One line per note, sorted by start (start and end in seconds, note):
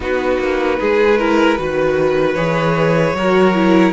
0.00 0.38 B3
0.00 1.18 D#4
0.00 0.79 F#4
0.00 2.34 B4
0.38 0.77 A#3
0.79 1.58 G#3
0.79 1.18 G#4
1.18 1.57 E4
1.18 1.57 A#4
1.57 2.35 D#3
1.57 2.36 F#4
1.57 3.16 B4
2.34 3.13 E3
2.34 3.15 G#4
2.34 3.92 C#5
3.13 3.92 F#3
3.13 3.54 F#4
3.13 3.93 A#4
3.54 3.93 E4